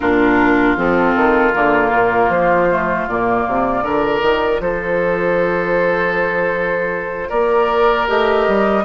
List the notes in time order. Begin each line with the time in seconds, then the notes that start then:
0.00 A#2 D4 F4 A#4
0.76 F3 C4 A4
1.15 D#3
1.53 D3 A#3 A#4
1.91 A#2
2.29 F3 C5
2.70 A3
3.07 A#2 A#3 D5
3.47 C3
3.82 D3 F4 A#4
4.21 D#3
4.60 F3 A4 C5
7.28 A#3 A#4 D5
8.07 A3 G4 D#5
8.47 G3